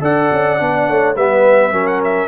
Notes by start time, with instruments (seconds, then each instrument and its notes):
0.00 tuba D4, trombone A4, horn D5, trumpet F#5
0.32 tuba C#4
0.57 tuba B3, trombone D4
0.89 tuba A3, horn C#5
1.15 tuba G3, trombone B3, horn B4, trumpet E5
1.71 tuba F#3, trombone C#4, horn A#4
1.87 trumpet F#5
2.04 trumpet E5